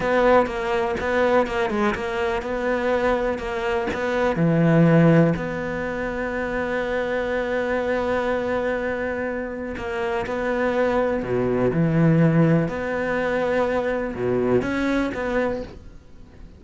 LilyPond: \new Staff \with { instrumentName = "cello" } { \time 4/4 \tempo 4 = 123 b4 ais4 b4 ais8 gis8 | ais4 b2 ais4 | b4 e2 b4~ | b1~ |
b1 | ais4 b2 b,4 | e2 b2~ | b4 b,4 cis'4 b4 | }